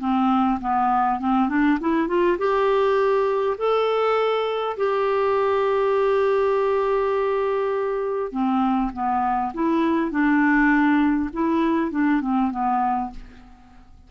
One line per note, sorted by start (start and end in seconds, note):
0.00 0.59 C4
0.61 1.20 B3
1.20 1.49 C4
1.49 1.79 D4
1.80 2.08 E4
2.08 2.38 F4
2.38 3.57 G4
3.58 4.77 A4
4.77 8.32 G4
8.32 8.91 C4
8.93 9.53 B3
9.54 10.11 E4
10.11 11.30 D4
11.33 11.91 E4
11.91 12.21 D4
12.21 12.51 C4
12.51 13.11 B3